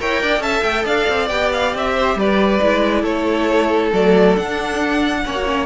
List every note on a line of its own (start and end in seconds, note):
0.00 0.22 E4
0.00 0.40 A#4
0.00 0.22 C#5
0.00 0.42 G5
0.22 0.39 D4
0.22 0.43 D5
0.39 0.61 C#4
0.39 1.28 A4
0.39 0.84 E5
0.39 0.64 A5
0.63 0.85 A3
0.63 0.85 G5
0.84 1.07 D4
0.84 1.93 D5
0.84 1.28 F5
1.09 1.30 C4
1.28 1.74 B3
1.28 2.62 G4
1.28 1.50 G5
1.53 1.75 F5
1.74 2.15 C4
1.74 2.19 E5
1.95 2.17 C5
2.15 2.59 G3
2.15 3.02 B4
2.15 3.04 D5
2.63 3.03 G#3
2.63 3.93 E4
3.02 3.91 A3
3.02 5.21 A4
3.02 3.92 C#5
3.93 4.37 F#3
3.93 4.36 A3
3.93 4.36 D5
4.36 5.24 D4
4.36 5.25 D4
4.36 5.66 F#5
5.25 5.66 A#3
5.25 5.36 C#4
5.25 5.66 C#5
5.36 5.45 F#4
5.45 5.66 C#4